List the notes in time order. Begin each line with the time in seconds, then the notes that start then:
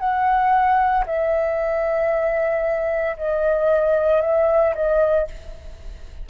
0.00 F#5
1.07 E5
3.18 D#5
4.22 E5
4.76 D#5